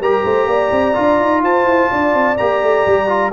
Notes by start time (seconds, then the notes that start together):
0.00 G3 G4 A#4 A#5
0.24 A3 C5
0.47 A#3 D5
0.71 C4
0.94 D4 F4
1.20 D#4
1.43 F4 C5 A5
1.64 E4
1.91 D4 D5
2.14 C4
2.37 A#3 G4 A#5
2.62 A3
2.87 G3
3.08 F4